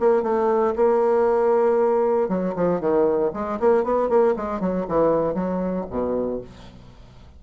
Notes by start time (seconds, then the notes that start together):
0.00 A#3
0.23 A3
0.76 A#3
2.29 F#3
2.56 F3
2.80 D#3
3.34 G#3
3.60 A#3
3.84 B3
4.09 A#3
4.36 G#3
4.60 F#3
4.89 E3
5.34 F#3
5.90 B2